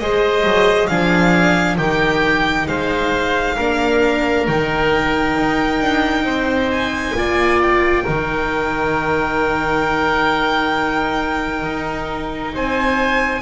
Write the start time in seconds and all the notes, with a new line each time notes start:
0.00 G#3 G#4 C5 D#5
0.44 F#3
0.87 F3 D4 G#4 F5
1.77 D#3 D#4 G4 G5
2.68 G#3 C5 F5
3.56 A#3 D4 A#4
4.48 D#3 D#4 G5
5.37 D#4
5.81 D4
6.24 C4 C5
6.71 G#5
7.15 A#3 F4 D5
7.62 G5
8.04 D#3 D#4 A#4
11.64 D#4
12.54 C4 C5 G#5